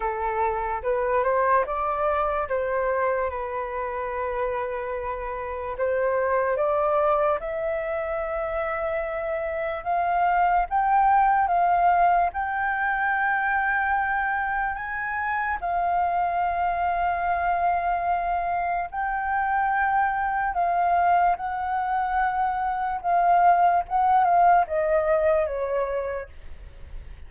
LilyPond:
\new Staff \with { instrumentName = "flute" } { \time 4/4 \tempo 4 = 73 a'4 b'8 c''8 d''4 c''4 | b'2. c''4 | d''4 e''2. | f''4 g''4 f''4 g''4~ |
g''2 gis''4 f''4~ | f''2. g''4~ | g''4 f''4 fis''2 | f''4 fis''8 f''8 dis''4 cis''4 | }